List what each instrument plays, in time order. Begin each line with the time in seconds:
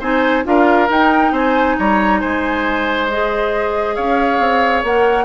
0.00 bassoon C4, clarinet D#4, oboe C5, flute G#5
0.44 bassoon D4, clarinet F4, oboe A#4, flute F5
0.90 clarinet D#4, bassoon D#4, flute G5
1.32 bassoon C4, oboe C5, flute G#5
1.78 bassoon G3, oboe C#5, flute A#5
2.20 bassoon G#3, oboe C5, flute G#5
3.10 clarinet G#4, flute D#5
3.95 bassoon C#4, oboe C#5, flute F5
4.39 bassoon C4
4.84 bassoon A#3, clarinet A#4, flute F#5